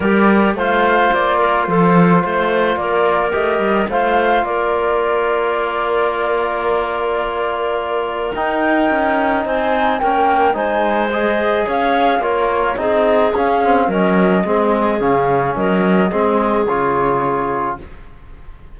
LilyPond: <<
  \new Staff \with { instrumentName = "flute" } { \time 4/4 \tempo 4 = 108 d''4 f''4 d''4 c''4~ | c''4 d''4 dis''4 f''4 | d''1~ | d''2. g''4~ |
g''4 gis''4 g''4 gis''4 | dis''4 f''4 cis''4 dis''4 | f''4 dis''2 f''4 | dis''2 cis''2 | }
  \new Staff \with { instrumentName = "clarinet" } { \time 4/4 ais'4 c''4. ais'8 a'4 | c''4 ais'2 c''4 | ais'1~ | ais'1~ |
ais'4 c''4 ais'4 c''4~ | c''4 cis''4 ais'4 gis'4~ | gis'4 ais'4 gis'2 | ais'4 gis'2. | }
  \new Staff \with { instrumentName = "trombone" } { \time 4/4 g'4 f'2.~ | f'2 g'4 f'4~ | f'1~ | f'2. dis'4~ |
dis'2 cis'4 dis'4 | gis'2 f'4 dis'4 | cis'8 c'8 cis'4 c'4 cis'4~ | cis'4 c'4 f'2 | }
  \new Staff \with { instrumentName = "cello" } { \time 4/4 g4 a4 ais4 f4 | a4 ais4 a8 g8 a4 | ais1~ | ais2. dis'4 |
cis'4 c'4 ais4 gis4~ | gis4 cis'4 ais4 c'4 | cis'4 fis4 gis4 cis4 | fis4 gis4 cis2 | }
>>